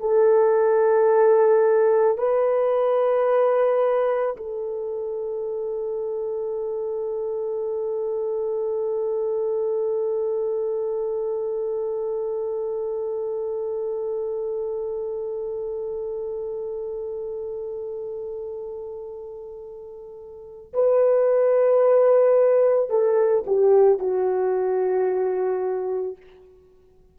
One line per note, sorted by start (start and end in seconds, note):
0.00 2.18 A4
2.18 4.36 B4
4.36 20.73 A4
20.73 22.90 B4
22.90 23.44 A4
23.46 23.99 G4
23.99 26.17 F#4